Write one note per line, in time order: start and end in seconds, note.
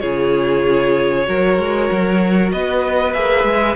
0.00 1.27 C#3
0.00 1.24 F4
0.00 1.26 G#4
0.00 2.50 C#5
1.24 1.58 F#3
1.24 3.12 F#4
1.24 2.52 A#4
1.58 1.89 G#3
1.91 2.52 F#3
2.51 3.14 B3
2.51 3.75 B4
2.51 3.13 D#5
3.13 3.44 A#3
3.13 3.75 G#4
3.13 3.75 E5
3.44 3.75 G#3